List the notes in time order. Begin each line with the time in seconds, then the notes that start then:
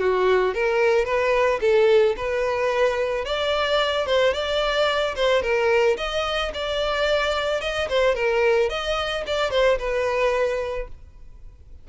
0.00 F#4
0.55 A#4
1.05 B4
1.61 A4
2.17 B4
3.26 D5
4.07 C5
4.34 D5
5.16 C5
5.42 A#4
5.98 D#5
6.54 D5
7.61 D#5
7.89 C5
8.15 A#4
8.70 D#5
9.27 D5
9.51 C5
9.79 B4